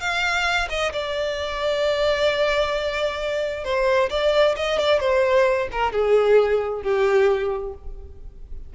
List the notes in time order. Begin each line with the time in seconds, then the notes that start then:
0.00 F5
0.69 D#5
0.93 D5
3.64 C5
4.10 D5
4.56 D#5
4.79 D5
5.00 C5
5.72 A#4
5.92 G#4
6.83 G4